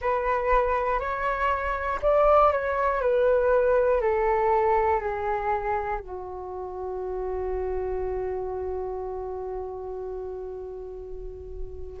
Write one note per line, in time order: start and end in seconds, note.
0.00 1.00 B4
1.00 2.00 C#5
2.02 2.51 D5
2.51 3.00 C#5
3.00 4.00 B4
4.00 5.00 A4
5.00 6.00 G#4
6.00 12.00 F#4